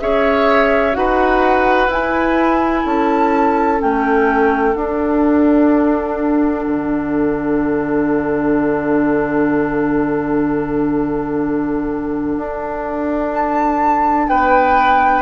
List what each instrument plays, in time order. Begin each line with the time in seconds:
0.00 bassoon C#4, clarinet G#4, oboe C#5, flute E5
0.92 bassoon D#4, clarinet F#4, oboe B4, flute F#5
1.87 bassoon E4, clarinet E4, flute G#5
2.83 bassoon C#4, oboe A4, flute A5
3.78 bassoon A3, clarinet C#4, flute G5
4.74 bassoon D4, clarinet D4, flute F#5
6.66 bassoon D3
12.37 bassoon D4
13.33 flute A5
14.28 bassoon B3, oboe B4, flute G5